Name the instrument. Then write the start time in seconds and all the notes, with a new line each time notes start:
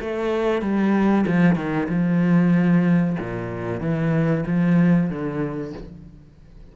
cello
0.00 A3
0.61 G3
1.26 F3
1.56 D#3
1.88 F3
3.19 A#2
3.80 E3
4.46 F3
5.09 D3